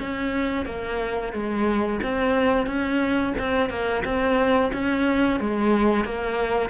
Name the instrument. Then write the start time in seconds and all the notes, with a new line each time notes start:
cello
0.00 C#4
0.66 A#3
1.32 G#3
2.03 C4
2.66 C#4
3.38 C4
3.69 A#3
4.04 C4
4.73 C#4
5.40 G#3
6.04 A#3